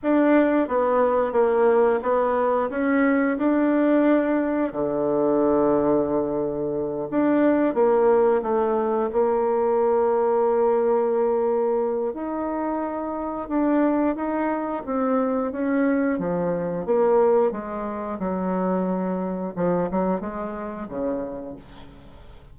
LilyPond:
\new Staff \with { instrumentName = "bassoon" } { \time 4/4 \tempo 4 = 89 d'4 b4 ais4 b4 | cis'4 d'2 d4~ | d2~ d8 d'4 ais8~ | ais8 a4 ais2~ ais8~ |
ais2 dis'2 | d'4 dis'4 c'4 cis'4 | f4 ais4 gis4 fis4~ | fis4 f8 fis8 gis4 cis4 | }